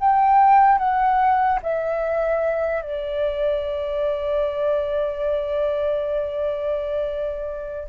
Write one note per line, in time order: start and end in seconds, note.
0.00 0.78 G5
0.78 1.59 F#5
1.63 2.82 E5
2.82 7.89 D5